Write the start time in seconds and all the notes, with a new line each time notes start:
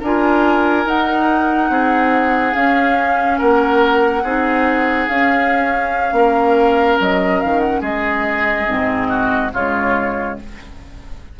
0.00 D4 F4 A#4 G#5
0.85 D#4 F#5
1.69 C4 G#4
2.54 C#4 F5
3.38 A#3 A#4 F#5
4.23 C4 D#4 G#4
5.08 C#4 F5
6.12 A#3 A#4
7.00 F#3 D#5
7.40 D#3 F5
7.59 F#5
7.80 G#3 G#4 D#5
8.67 G#2 C4
9.09 F#4
9.53 C#3 G#3 F4 C#5